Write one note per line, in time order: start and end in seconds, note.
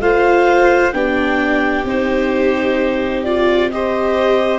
0.00 0.92 A3
0.00 0.93 F4
0.00 0.94 C5
0.00 0.92 F5
0.92 1.84 B3
0.92 1.85 D4
0.92 3.72 G4
0.92 1.85 G5
1.84 4.58 C4
1.84 3.25 D#4
1.84 3.24 C5
3.24 3.71 F4
3.24 3.70 D5
3.71 4.58 G4
3.71 4.58 C5
3.71 4.58 D#5